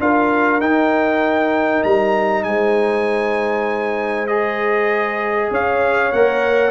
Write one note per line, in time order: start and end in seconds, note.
0.00 0.61 D4
0.00 0.61 F4
0.00 2.47 A#4
0.00 0.61 F5
0.61 1.84 D#4
0.61 4.29 D#4
0.61 1.83 G5
1.83 2.44 G3
1.83 2.44 A#5
2.44 5.50 G#3
2.44 5.51 C5
2.44 4.27 G#5
4.28 6.13 G#4
4.28 5.50 D#5
5.51 6.12 C#4
5.51 6.71 C#5
5.51 6.13 F5
6.13 6.71 A#3
6.13 6.71 A#4
6.13 6.71 F#5